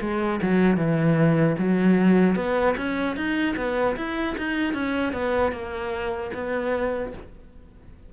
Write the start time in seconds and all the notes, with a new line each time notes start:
0.00 G#3
0.42 F#3
0.77 E3
1.58 F#3
2.35 B3
2.77 C#4
3.16 D#4
3.56 B3
3.96 E4
4.37 D#4
4.73 C#4
5.12 B3
5.52 A#3
6.34 B3